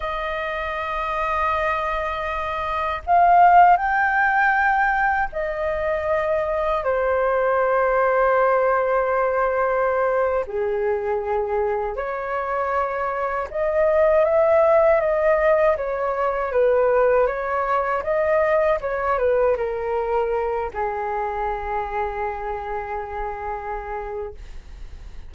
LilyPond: \new Staff \with { instrumentName = "flute" } { \time 4/4 \tempo 4 = 79 dis''1 | f''4 g''2 dis''4~ | dis''4 c''2.~ | c''4.~ c''16 gis'2 cis''16~ |
cis''4.~ cis''16 dis''4 e''4 dis''16~ | dis''8. cis''4 b'4 cis''4 dis''16~ | dis''8. cis''8 b'8 ais'4. gis'8.~ | gis'1 | }